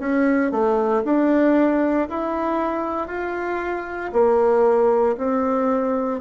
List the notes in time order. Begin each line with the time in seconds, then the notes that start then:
0.00 C#4
0.52 A3
1.05 D4
2.09 E4
3.08 F4
4.13 A#3
5.18 C4